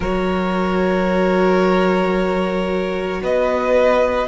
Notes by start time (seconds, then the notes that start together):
0.00 F#3 F#4 A#4 C#5
3.22 B3 B4 D#5